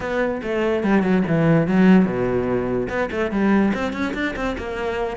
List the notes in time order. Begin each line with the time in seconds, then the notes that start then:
0.00 B3
0.43 A3
0.83 G3
1.02 F#3
1.27 E3
1.67 F#3
2.05 B2
2.89 B3
3.11 A3
3.31 G3
3.74 C4
3.92 C#4
4.14 D4
4.35 C4
4.57 A#3